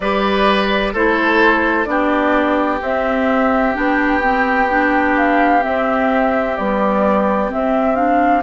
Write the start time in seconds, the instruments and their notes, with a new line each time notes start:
0.00 bassoon G3, clarinet G4, oboe B4, flute D5
0.93 bassoon A3, clarinet E4, oboe A4, flute C5
1.84 bassoon B3, clarinet D4, oboe G4, flute D5
2.81 bassoon C4, clarinet C4, flute E5
3.73 bassoon B3, clarinet D4, flute G5
4.21 clarinet C4
4.70 clarinet D4
5.16 flute F5
5.61 clarinet C4, bassoon C4, flute E5
6.56 clarinet G3, bassoon B3, flute D5
7.48 clarinet C4, bassoon C4, flute E5
7.95 clarinet D4, flute F5